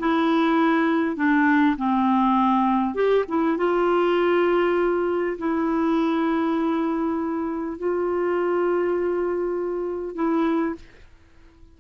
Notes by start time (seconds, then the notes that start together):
0.00 E4
1.16 D4
1.78 C4
2.95 G4
3.29 E4
3.58 F4
5.39 E4
7.79 F4
10.16 E4